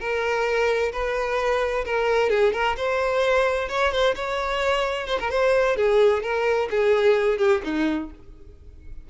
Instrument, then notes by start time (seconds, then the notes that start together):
violin
0.00 A#4
0.93 B4
1.85 A#4
2.30 G#4
2.53 A#4
2.77 C5
3.69 C#5
3.92 C5
4.15 C#5
5.07 C5
5.20 A#4
5.31 C5
5.77 G#4
6.23 A#4
6.71 G#4
7.38 G4
7.64 D#4